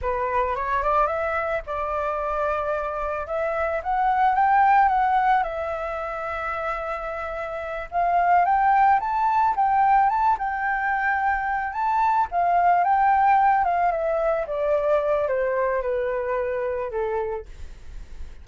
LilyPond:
\new Staff \with { instrumentName = "flute" } { \time 4/4 \tempo 4 = 110 b'4 cis''8 d''8 e''4 d''4~ | d''2 e''4 fis''4 | g''4 fis''4 e''2~ | e''2~ e''8 f''4 g''8~ |
g''8 a''4 g''4 a''8 g''4~ | g''4. a''4 f''4 g''8~ | g''4 f''8 e''4 d''4. | c''4 b'2 a'4 | }